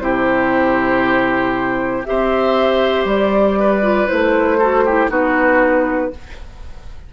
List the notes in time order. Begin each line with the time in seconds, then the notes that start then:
0.00 C3 E4 G4 C5
2.04 C4 G4 C5 E5
3.05 G3 D5
3.59 B4
3.82 F4
4.07 A3 E4 C5
4.58 F#4 A4
4.85 E4 G4
5.09 B3 D#4 F#4 B4